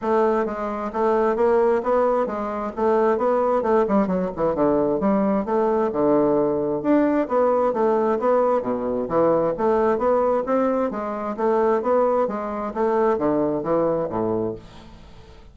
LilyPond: \new Staff \with { instrumentName = "bassoon" } { \time 4/4 \tempo 4 = 132 a4 gis4 a4 ais4 | b4 gis4 a4 b4 | a8 g8 fis8 e8 d4 g4 | a4 d2 d'4 |
b4 a4 b4 b,4 | e4 a4 b4 c'4 | gis4 a4 b4 gis4 | a4 d4 e4 a,4 | }